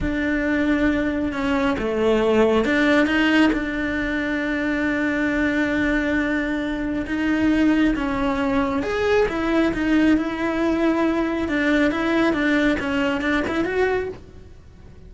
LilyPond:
\new Staff \with { instrumentName = "cello" } { \time 4/4 \tempo 4 = 136 d'2. cis'4 | a2 d'4 dis'4 | d'1~ | d'1 |
dis'2 cis'2 | gis'4 e'4 dis'4 e'4~ | e'2 d'4 e'4 | d'4 cis'4 d'8 e'8 fis'4 | }